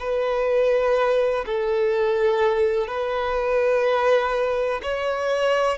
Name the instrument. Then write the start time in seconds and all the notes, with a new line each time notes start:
violin
0.00 B4
1.46 A4
2.87 B4
4.83 C#5